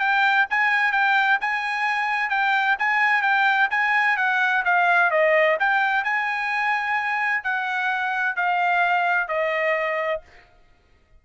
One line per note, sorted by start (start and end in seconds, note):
0.00 0.47 G5
0.50 0.93 G#5
0.93 1.39 G5
1.41 2.30 G#5
2.30 2.77 G5
2.79 3.22 G#5
3.22 3.69 G5
3.71 4.17 G#5
4.17 4.64 F#5
4.65 5.11 F5
5.11 5.58 D#5
5.60 6.05 G5
6.05 7.44 G#5
7.44 8.36 F#5
8.36 9.29 F5
9.29 10.22 D#5